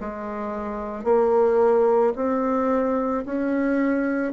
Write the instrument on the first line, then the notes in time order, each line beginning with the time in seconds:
bassoon
0.00 G#3
1.04 A#3
2.16 C4
3.25 C#4